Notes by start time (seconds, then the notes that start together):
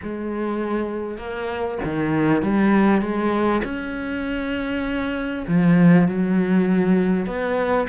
0.02 G#3
1.17 A#3
1.83 D#3
2.42 G3
3.01 G#3
3.64 C#4
5.47 F3
6.07 F#3
7.26 B3